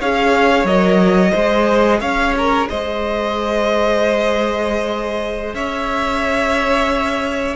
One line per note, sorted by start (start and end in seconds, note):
0.00 0.64 C#4
0.00 0.66 G#4
0.00 1.31 C#5
0.00 0.66 F5
0.64 1.31 F#3
0.64 1.33 A#4
0.64 2.00 D#5
1.31 2.01 G#3
1.31 7.56 G#4
1.31 1.98 C5
2.00 2.68 C#4
2.00 2.68 C#5
2.00 2.34 F5
2.37 2.70 A#4
2.69 5.54 G#3
2.69 5.55 C5
2.69 5.54 D#5
5.54 7.56 C#4
5.54 7.56 C#5
5.54 7.56 E5